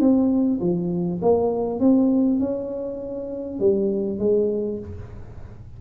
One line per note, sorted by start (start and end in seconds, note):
0.00 0.60 C4
0.61 1.21 F3
1.22 1.80 A#3
1.80 2.39 C4
2.39 3.59 C#4
3.60 4.19 G3
4.19 4.79 G#3